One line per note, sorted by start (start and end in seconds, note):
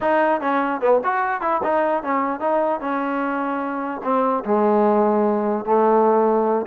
0.01 0.40 D#4
0.40 0.80 C#4
0.80 1.00 B3
1.04 1.41 F#4
1.41 1.61 E4
1.63 2.03 D#4
2.03 2.40 C#4
2.40 2.80 D#4
2.80 4.01 C#4
4.03 4.44 C4
4.44 5.65 G#3
5.65 6.66 A3